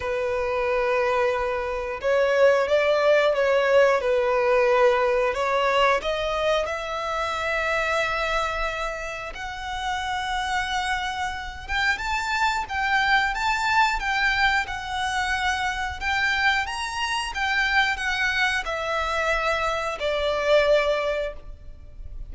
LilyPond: \new Staff \with { instrumentName = "violin" } { \time 4/4 \tempo 4 = 90 b'2. cis''4 | d''4 cis''4 b'2 | cis''4 dis''4 e''2~ | e''2 fis''2~ |
fis''4. g''8 a''4 g''4 | a''4 g''4 fis''2 | g''4 ais''4 g''4 fis''4 | e''2 d''2 | }